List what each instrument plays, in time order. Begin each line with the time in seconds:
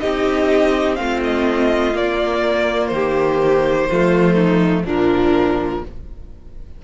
0.00 cello C4, viola D#4, violin G4 D#5
0.96 cello A3, viola C4, violin F4 F5
1.24 violin D#5
1.94 cello A#3, viola A#3, violin D5
2.87 cello D#3, violin C5
2.94 violin G4
3.90 cello F3, viola A3, violin F4
4.35 violin D#4
4.85 cello A#2, viola F3, violin D4 A#4